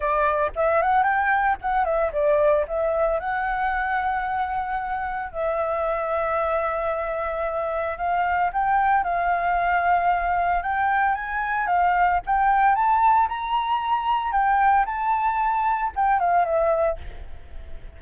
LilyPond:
\new Staff \with { instrumentName = "flute" } { \time 4/4 \tempo 4 = 113 d''4 e''8 fis''8 g''4 fis''8 e''8 | d''4 e''4 fis''2~ | fis''2 e''2~ | e''2. f''4 |
g''4 f''2. | g''4 gis''4 f''4 g''4 | a''4 ais''2 g''4 | a''2 g''8 f''8 e''4 | }